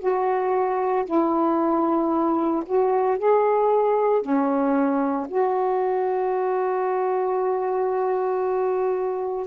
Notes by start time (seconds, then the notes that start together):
0.00 F#4
1.06 E4
2.66 F#4
3.19 G#4
4.22 C#4
5.29 F#4